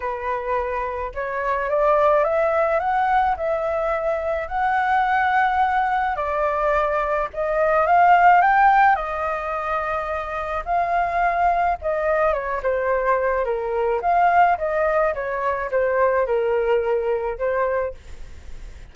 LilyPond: \new Staff \with { instrumentName = "flute" } { \time 4/4 \tempo 4 = 107 b'2 cis''4 d''4 | e''4 fis''4 e''2 | fis''2. d''4~ | d''4 dis''4 f''4 g''4 |
dis''2. f''4~ | f''4 dis''4 cis''8 c''4. | ais'4 f''4 dis''4 cis''4 | c''4 ais'2 c''4 | }